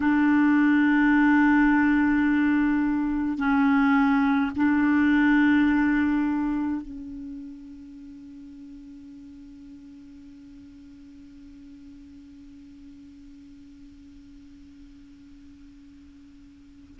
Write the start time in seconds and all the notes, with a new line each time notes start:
0.00 D4
3.38 C#4
4.55 D4
6.81 C#4